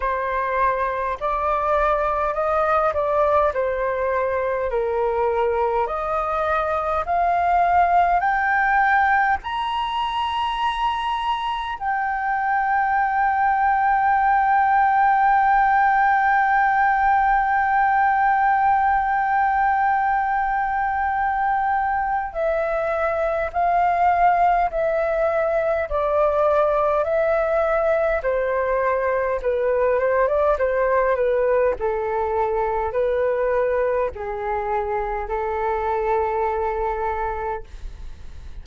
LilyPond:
\new Staff \with { instrumentName = "flute" } { \time 4/4 \tempo 4 = 51 c''4 d''4 dis''8 d''8 c''4 | ais'4 dis''4 f''4 g''4 | ais''2 g''2~ | g''1~ |
g''2. e''4 | f''4 e''4 d''4 e''4 | c''4 b'8 c''16 d''16 c''8 b'8 a'4 | b'4 gis'4 a'2 | }